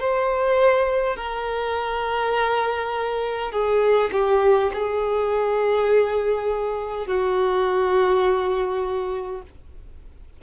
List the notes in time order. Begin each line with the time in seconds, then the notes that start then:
0.00 C5
1.17 A#4
3.52 G#4
4.12 G4
4.74 G#4
7.07 F#4